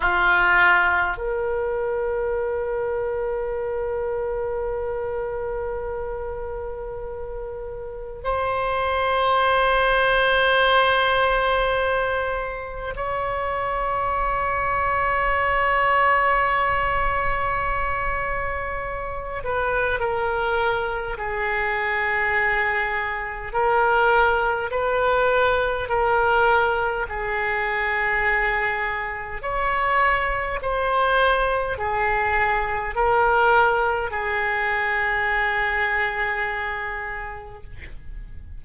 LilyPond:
\new Staff \with { instrumentName = "oboe" } { \time 4/4 \tempo 4 = 51 f'4 ais'2.~ | ais'2. c''4~ | c''2. cis''4~ | cis''1~ |
cis''8 b'8 ais'4 gis'2 | ais'4 b'4 ais'4 gis'4~ | gis'4 cis''4 c''4 gis'4 | ais'4 gis'2. | }